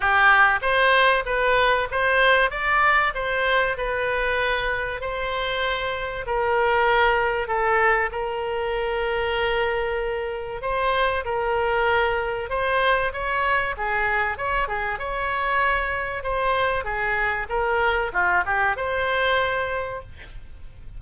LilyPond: \new Staff \with { instrumentName = "oboe" } { \time 4/4 \tempo 4 = 96 g'4 c''4 b'4 c''4 | d''4 c''4 b'2 | c''2 ais'2 | a'4 ais'2.~ |
ais'4 c''4 ais'2 | c''4 cis''4 gis'4 cis''8 gis'8 | cis''2 c''4 gis'4 | ais'4 f'8 g'8 c''2 | }